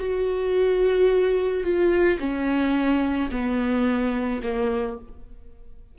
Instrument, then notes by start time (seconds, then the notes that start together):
viola
0.00 F#4
1.64 F4
2.20 C#4
3.32 B3
4.43 A#3